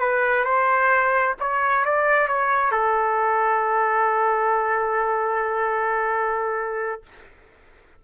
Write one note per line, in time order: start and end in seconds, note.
0.00 0.45 B4
0.45 1.36 C5
1.40 1.85 C#5
1.85 2.28 D5
2.28 2.71 C#5
2.71 7.03 A4